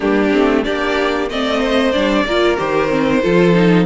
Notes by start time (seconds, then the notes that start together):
0.00 G3 A#3 D4 G4
0.31 A3 C4
0.63 A#3 D4 G4 D5
1.29 A3 C4 D5 D#5
1.59 C5
1.92 G3 D4 D5
2.24 A#3 F4 A#4
2.57 D#3 G4 C5
2.89 C4
3.22 F3 F4 A4
3.53 D#4